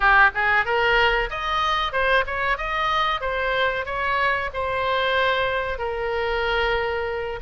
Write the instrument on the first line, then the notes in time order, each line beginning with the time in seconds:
oboe
0.00 G4
0.34 G#4
0.65 A#4
1.29 D#5
1.92 C5
2.26 C#5
2.57 D#5
3.21 C5
3.85 C#5
4.53 C5
5.78 A#4